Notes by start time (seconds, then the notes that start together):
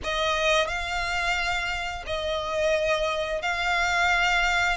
0.03 D#5
0.67 F5
2.06 D#5
3.42 F5